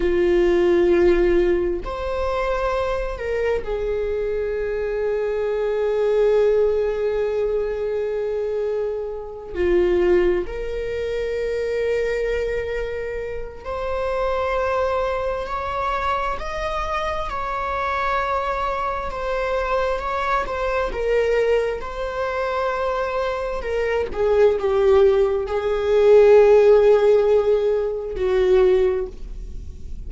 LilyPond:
\new Staff \with { instrumentName = "viola" } { \time 4/4 \tempo 4 = 66 f'2 c''4. ais'8 | gis'1~ | gis'2~ gis'8 f'4 ais'8~ | ais'2. c''4~ |
c''4 cis''4 dis''4 cis''4~ | cis''4 c''4 cis''8 c''8 ais'4 | c''2 ais'8 gis'8 g'4 | gis'2. fis'4 | }